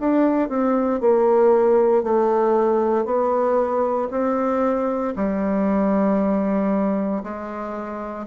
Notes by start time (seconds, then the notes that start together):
0.00 D4
0.49 C4
1.01 A#3
2.03 A3
3.05 B3
4.11 C4
5.16 G3
7.23 G#3